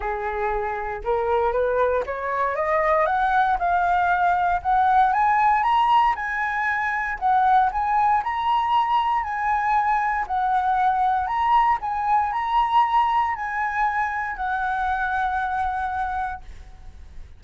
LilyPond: \new Staff \with { instrumentName = "flute" } { \time 4/4 \tempo 4 = 117 gis'2 ais'4 b'4 | cis''4 dis''4 fis''4 f''4~ | f''4 fis''4 gis''4 ais''4 | gis''2 fis''4 gis''4 |
ais''2 gis''2 | fis''2 ais''4 gis''4 | ais''2 gis''2 | fis''1 | }